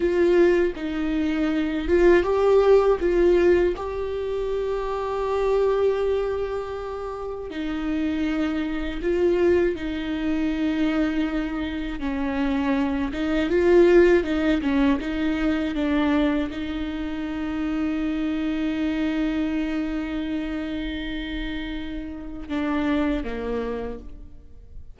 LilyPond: \new Staff \with { instrumentName = "viola" } { \time 4/4 \tempo 4 = 80 f'4 dis'4. f'8 g'4 | f'4 g'2.~ | g'2 dis'2 | f'4 dis'2. |
cis'4. dis'8 f'4 dis'8 cis'8 | dis'4 d'4 dis'2~ | dis'1~ | dis'2 d'4 ais4 | }